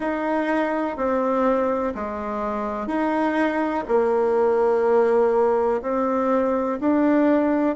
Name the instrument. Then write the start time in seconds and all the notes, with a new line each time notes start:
bassoon
0.00 D#4
0.97 C4
1.94 G#3
2.87 D#4
3.88 A#3
5.82 C4
6.80 D4